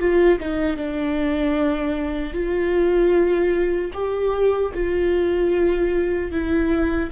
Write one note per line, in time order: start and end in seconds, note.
0.00 0.39 F4
0.40 0.77 D#4
0.77 2.34 D4
2.34 3.92 F4
3.94 4.73 G4
4.75 6.32 F4
6.32 7.11 E4